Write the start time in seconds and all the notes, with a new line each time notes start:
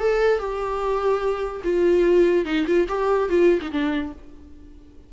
0.00 A4
0.39 G4
1.64 F4
2.45 D#4
2.67 F4
2.89 G4
3.30 F4
3.62 D#4
3.72 D4